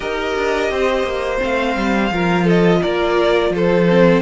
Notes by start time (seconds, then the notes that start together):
0.00 D#4 G4 A#4 D#5
0.36 D4
0.70 C4 C5
1.03 A#3
1.38 A3 C4 F5
1.75 G3
2.10 F3 F4 A#4
2.44 A4 D#5
2.82 A#3 A#4 D5
3.49 F3 A4
3.55 C5
3.88 C4